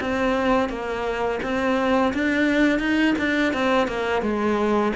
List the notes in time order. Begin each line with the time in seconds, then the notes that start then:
0.00 C4
0.69 A#3
1.42 C4
2.14 D4
2.79 D#4
3.18 D4
3.53 C4
3.88 A#3
4.22 G#3